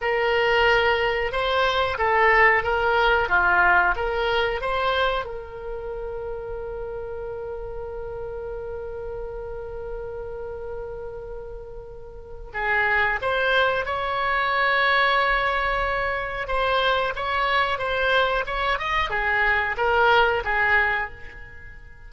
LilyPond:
\new Staff \with { instrumentName = "oboe" } { \time 4/4 \tempo 4 = 91 ais'2 c''4 a'4 | ais'4 f'4 ais'4 c''4 | ais'1~ | ais'1~ |
ais'2. gis'4 | c''4 cis''2.~ | cis''4 c''4 cis''4 c''4 | cis''8 dis''8 gis'4 ais'4 gis'4 | }